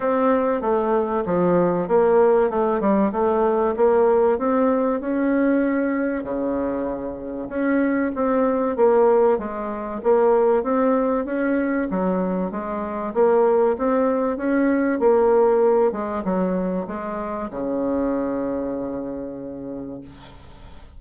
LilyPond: \new Staff \with { instrumentName = "bassoon" } { \time 4/4 \tempo 4 = 96 c'4 a4 f4 ais4 | a8 g8 a4 ais4 c'4 | cis'2 cis2 | cis'4 c'4 ais4 gis4 |
ais4 c'4 cis'4 fis4 | gis4 ais4 c'4 cis'4 | ais4. gis8 fis4 gis4 | cis1 | }